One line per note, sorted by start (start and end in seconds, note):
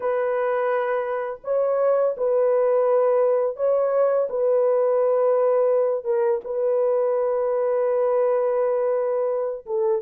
0.00 1.39 B4
1.44 2.15 C#5
2.17 3.56 B4
3.56 4.28 C#5
4.29 6.04 B4
6.04 6.40 A#4
6.44 9.65 B4
9.66 10.01 A4